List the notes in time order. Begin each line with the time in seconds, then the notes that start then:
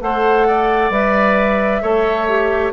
0.00 A3 A4 C5 F#5
0.47 D5
0.90 G3 B4 E5
1.81 A3 A4 C#5
2.27 G4